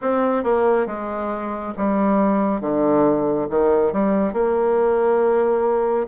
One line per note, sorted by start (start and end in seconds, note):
0.01 0.43 C4
0.43 0.86 A#3
0.86 1.73 G#3
1.77 2.60 G3
2.60 3.47 D3
3.49 3.92 D#3
3.92 4.33 G3
4.33 6.07 A#3